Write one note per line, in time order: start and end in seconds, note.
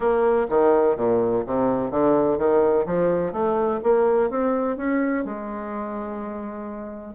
0.00 0.46 A#3
0.49 0.96 D#3
0.96 1.44 A#2
1.46 1.90 C3
1.90 2.37 D3
2.37 2.85 D#3
2.86 3.32 F3
3.32 3.80 A3
3.83 4.29 A#3
4.29 4.77 C4
4.77 5.24 C#4
5.24 7.14 G#3